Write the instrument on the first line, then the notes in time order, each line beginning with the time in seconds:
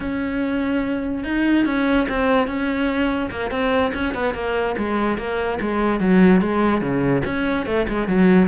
cello
0.00 C#4
1.24 D#4
1.65 C#4
2.09 C4
2.47 C#4
3.30 A#3
3.50 C4
3.93 C#4
4.14 B3
4.34 A#3
4.77 G#3
5.17 A#3
5.61 G#3
5.99 F#3
6.41 G#3
6.81 C#3
7.24 C#4
7.66 A3
7.88 G#3
8.07 F#3